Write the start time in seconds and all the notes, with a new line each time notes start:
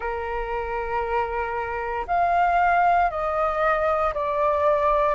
0.00 A#4
2.07 F5
3.10 D#5
4.14 D5